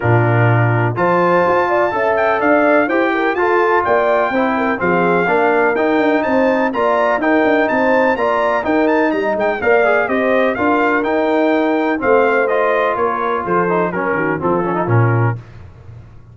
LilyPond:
<<
  \new Staff \with { instrumentName = "trumpet" } { \time 4/4 \tempo 4 = 125 ais'2 a''2~ | a''8 g''8 f''4 g''4 a''4 | g''2 f''2 | g''4 a''4 ais''4 g''4 |
a''4 ais''4 g''8 a''8 ais''8 g''8 | f''4 dis''4 f''4 g''4~ | g''4 f''4 dis''4 cis''4 | c''4 ais'4 a'4 ais'4 | }
  \new Staff \with { instrumentName = "horn" } { \time 4/4 f'2 c''4. d''8 | e''4 d''4 c''8 ais'8 a'4 | d''4 c''8 ais'8 gis'4 ais'4~ | ais'4 c''4 d''4 ais'4 |
c''4 d''4 ais'4 dis''4 | d''4 c''4 ais'2~ | ais'4 c''2 ais'4 | a'4 ais'8 fis'8 f'2 | }
  \new Staff \with { instrumentName = "trombone" } { \time 4/4 d'2 f'2 | a'2 g'4 f'4~ | f'4 e'4 c'4 d'4 | dis'2 f'4 dis'4~ |
dis'4 f'4 dis'2 | ais'8 gis'8 g'4 f'4 dis'4~ | dis'4 c'4 f'2~ | f'8 dis'8 cis'4 c'8 cis'16 dis'16 cis'4 | }
  \new Staff \with { instrumentName = "tuba" } { \time 4/4 ais,2 f4 f'4 | cis'4 d'4 e'4 f'4 | ais4 c'4 f4 ais4 | dis'8 d'8 c'4 ais4 dis'8 d'8 |
c'4 ais4 dis'4 g8 gis8 | ais4 c'4 d'4 dis'4~ | dis'4 a2 ais4 | f4 fis8 dis8 f4 ais,4 | }
>>